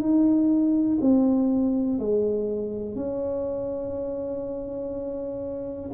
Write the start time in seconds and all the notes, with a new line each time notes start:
0.00 D#4
1.01 C4
1.99 G#3
2.96 C#4